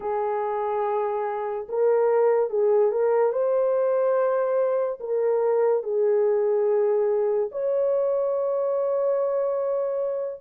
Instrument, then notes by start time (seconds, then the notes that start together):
horn
0.00 G#4
1.68 A#4
2.50 G#4
2.91 A#4
3.32 C5
5.00 A#4
5.83 G#4
7.51 C#5